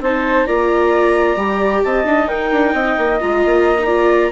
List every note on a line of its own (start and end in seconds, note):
0.00 0.45 C4
0.00 0.47 D#4
0.00 0.46 C5
0.00 0.46 A5
0.46 1.36 A#3
0.46 1.37 F4
0.46 1.83 D5
0.46 1.83 A#5
1.36 1.81 G3
1.36 2.04 G4
1.83 2.05 C4
1.83 2.28 D#5
1.83 2.28 A5
2.04 2.27 D4
2.04 3.18 D#4
2.27 2.50 D#4
2.27 2.73 A#4
2.27 3.18 G5
2.52 2.74 D4
2.73 2.96 C4
2.73 3.85 D#5
2.98 3.20 A#3
3.20 3.45 G#3
3.20 3.77 F4
3.20 4.32 A#5
3.45 4.32 A#3
3.79 3.87 D#4
3.85 4.32 F4
3.85 4.31 D5